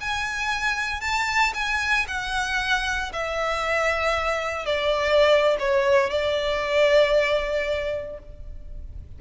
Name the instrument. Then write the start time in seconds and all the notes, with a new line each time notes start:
violin
0.00 G#5
1.01 A5
1.53 G#5
2.07 F#5
3.12 E5
4.65 D5
5.59 C#5
6.10 D5